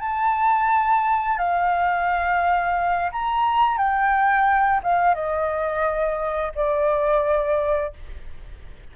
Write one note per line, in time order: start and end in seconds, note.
0.00 1.38 A5
1.38 3.10 F5
3.12 3.77 A#5
3.77 4.81 G5
4.83 5.14 F5
5.14 6.52 D#5
6.55 7.93 D5